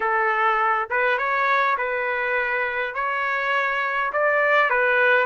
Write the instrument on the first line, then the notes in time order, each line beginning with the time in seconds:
trumpet
0.00 A4
0.90 B4
1.18 C#5
1.77 B4
2.94 C#5
4.13 D5
4.70 B4